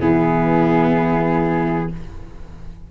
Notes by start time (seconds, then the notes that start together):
0.00 E3 B3 E4 G#4